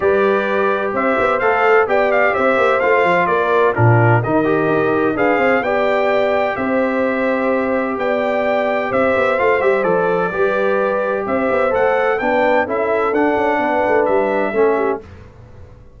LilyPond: <<
  \new Staff \with { instrumentName = "trumpet" } { \time 4/4 \tempo 4 = 128 d''2 e''4 f''4 | g''8 f''8 e''4 f''4 d''4 | ais'4 dis''2 f''4 | g''2 e''2~ |
e''4 g''2 e''4 | f''8 e''8 d''2. | e''4 fis''4 g''4 e''4 | fis''2 e''2 | }
  \new Staff \with { instrumentName = "horn" } { \time 4/4 b'2 c''2 | d''4 c''2 ais'4 | f'4 ais'2 b'8 c''8 | d''2 c''2~ |
c''4 d''2 c''4~ | c''2 b'2 | c''2 b'4 a'4~ | a'4 b'2 a'8 g'8 | }
  \new Staff \with { instrumentName = "trombone" } { \time 4/4 g'2. a'4 | g'2 f'2 | d'4 dis'8 g'4. gis'4 | g'1~ |
g'1 | f'8 g'8 a'4 g'2~ | g'4 a'4 d'4 e'4 | d'2. cis'4 | }
  \new Staff \with { instrumentName = "tuba" } { \time 4/4 g2 c'8 b8 a4 | b4 c'8 ais8 a8 f8 ais4 | ais,4 dis4 dis'4 d'8 c'8 | b2 c'2~ |
c'4 b2 c'8 b8 | a8 g8 f4 g2 | c'8 b8 a4 b4 cis'4 | d'8 cis'8 b8 a8 g4 a4 | }
>>